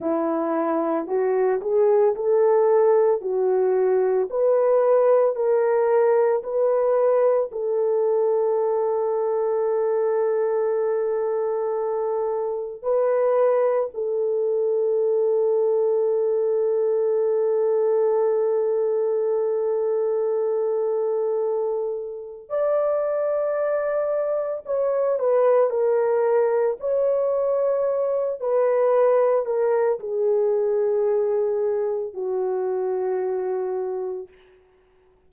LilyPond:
\new Staff \with { instrumentName = "horn" } { \time 4/4 \tempo 4 = 56 e'4 fis'8 gis'8 a'4 fis'4 | b'4 ais'4 b'4 a'4~ | a'1 | b'4 a'2.~ |
a'1~ | a'4 d''2 cis''8 b'8 | ais'4 cis''4. b'4 ais'8 | gis'2 fis'2 | }